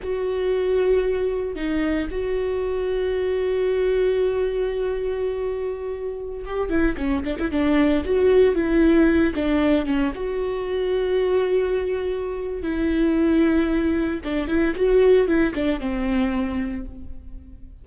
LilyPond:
\new Staff \with { instrumentName = "viola" } { \time 4/4 \tempo 4 = 114 fis'2. dis'4 | fis'1~ | fis'1~ | fis'16 g'8 e'8 cis'8 d'16 e'16 d'4 fis'8.~ |
fis'16 e'4. d'4 cis'8 fis'8.~ | fis'1 | e'2. d'8 e'8 | fis'4 e'8 d'8 c'2 | }